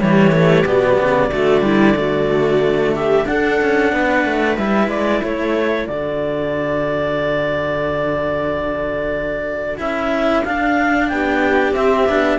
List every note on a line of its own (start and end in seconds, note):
0.00 0.65 E3
0.00 0.32 G3
0.00 1.33 G4
0.00 0.66 C#5
0.32 0.65 A3
0.65 0.98 B2
0.65 1.32 B3
0.65 2.96 D5
1.01 1.30 C#3
1.30 3.26 D3
1.30 1.62 A3
1.30 1.65 F#4
1.62 1.95 G3
1.62 1.98 E4
1.97 3.25 A3
1.97 2.95 F#4
2.95 3.28 G4
2.95 3.27 E5
3.25 4.56 D4
3.25 3.61 D4
3.25 3.94 A4
3.25 4.57 F#5
3.62 3.93 C#4
3.93 4.25 B3
3.93 5.24 B4
4.26 4.58 A3
4.58 4.89 G3
4.58 5.89 E4
4.58 4.90 E5
4.89 5.21 G#3
4.89 5.23 D5
5.24 5.89 A3
5.24 11.11 A4
5.24 5.88 C#5
5.88 9.81 D3
5.88 9.78 F#4
5.88 9.79 D5
9.78 10.46 C#4
9.78 10.43 E4
9.78 10.45 E5
10.45 11.76 D4
10.45 11.12 D4
10.45 11.09 F5
11.09 11.73 B3
11.09 12.39 G4
11.09 11.74 G5
11.73 12.05 C4
11.73 12.09 C4
11.73 12.39 E5
12.07 12.39 B3
12.07 12.39 D4